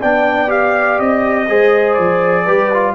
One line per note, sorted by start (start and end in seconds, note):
0.00 0.99 B3
0.00 0.47 D4
0.00 1.48 D5
0.00 0.50 G5
0.47 1.45 G4
0.47 0.99 F5
0.99 1.48 C4
0.99 1.94 D#5
1.48 1.98 G#3
1.48 2.46 G#4
1.48 2.44 C5
1.94 2.47 F3
1.94 2.92 D5
2.44 2.95 G3
2.44 2.71 G4
2.44 2.94 B4
2.73 2.95 F4